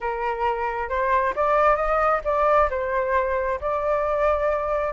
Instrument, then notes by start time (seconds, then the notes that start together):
flute
0.00 A#4
0.89 C5
1.35 D5
1.76 D#5
2.24 D5
2.70 C5
3.60 D5